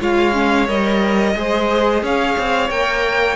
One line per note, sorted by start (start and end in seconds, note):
0.00 0.68 G#3
0.00 0.33 F4
0.00 1.35 C#5
0.00 0.69 F5
0.33 0.67 C#4
0.68 1.36 G3
0.68 1.35 A#4
0.68 2.04 D#5
1.35 2.03 G#3
1.35 2.70 G#4
1.35 2.04 C5
2.03 2.37 C#4
2.03 3.36 C#5
2.03 2.70 F5
2.39 2.70 C4
2.70 3.36 A#3
2.70 3.36 A#4
2.70 3.36 G5